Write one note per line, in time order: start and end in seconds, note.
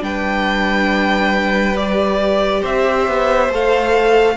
0.00 2.62 G3
0.00 1.74 D4
0.00 2.60 B4
0.00 1.77 G5
1.77 3.50 G4
1.77 2.64 D5
2.60 3.08 C4
2.60 4.34 C5
2.60 3.52 E5
3.08 3.49 B3
3.49 4.36 A3
3.49 4.37 A4
3.49 4.37 F5